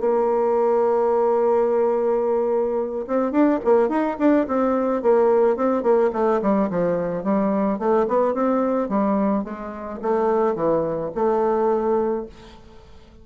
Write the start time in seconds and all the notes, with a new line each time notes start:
0.00 A#3
3.07 C4
3.32 D4
3.64 A#3
3.89 D#4
4.19 D4
4.47 C4
5.03 A#3
5.56 C4
5.83 A#3
6.13 A3
6.42 G3
6.70 F3
7.24 G3
7.79 A3
8.08 B3
8.34 C4
8.89 G3
9.44 G#3
10.02 A3
10.55 E3
11.15 A3